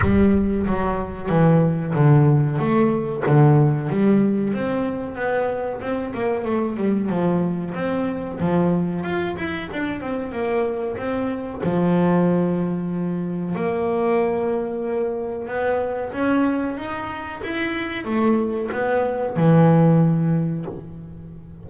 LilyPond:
\new Staff \with { instrumentName = "double bass" } { \time 4/4 \tempo 4 = 93 g4 fis4 e4 d4 | a4 d4 g4 c'4 | b4 c'8 ais8 a8 g8 f4 | c'4 f4 f'8 e'8 d'8 c'8 |
ais4 c'4 f2~ | f4 ais2. | b4 cis'4 dis'4 e'4 | a4 b4 e2 | }